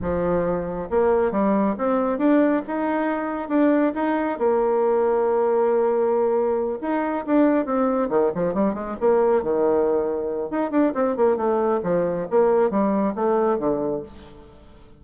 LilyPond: \new Staff \with { instrumentName = "bassoon" } { \time 4/4 \tempo 4 = 137 f2 ais4 g4 | c'4 d'4 dis'2 | d'4 dis'4 ais2~ | ais2.~ ais8 dis'8~ |
dis'8 d'4 c'4 dis8 f8 g8 | gis8 ais4 dis2~ dis8 | dis'8 d'8 c'8 ais8 a4 f4 | ais4 g4 a4 d4 | }